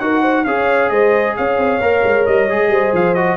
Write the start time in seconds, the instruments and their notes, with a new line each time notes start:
0.00 tuba D#4, trombone F#4, horn A#4, trumpet F#5
0.21 horn C5
0.45 tuba C#4, trombone G#4, horn C#5, trumpet F5
0.90 tuba G#3, horn C5, trumpet D#5
1.37 tuba C#4, horn C#5, trumpet F5
1.58 tuba C4
1.80 tuba A#3, trombone A#4
2.04 tuba G#3
2.26 tuba G3, trumpet D#5
2.48 tuba G#3, trombone G#4
2.69 tuba G3, horn C5
2.93 tuba F3, trumpet F5
3.15 trombone F#4, trumpet D#5